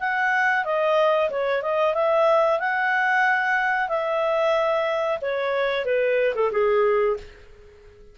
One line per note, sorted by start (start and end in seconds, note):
0.00 0.65 F#5
0.65 1.30 D#5
1.30 1.63 C#5
1.63 1.94 D#5
1.94 2.60 E5
2.60 3.89 F#5
3.89 5.19 E5
5.22 5.85 C#5
5.85 6.34 B4
6.35 6.52 A4
6.52 7.18 G#4